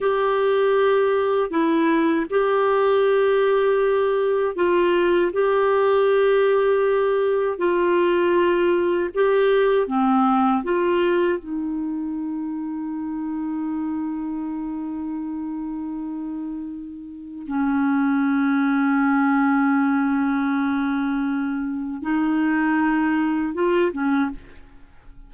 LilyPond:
\new Staff \with { instrumentName = "clarinet" } { \time 4/4 \tempo 4 = 79 g'2 e'4 g'4~ | g'2 f'4 g'4~ | g'2 f'2 | g'4 c'4 f'4 dis'4~ |
dis'1~ | dis'2. cis'4~ | cis'1~ | cis'4 dis'2 f'8 cis'8 | }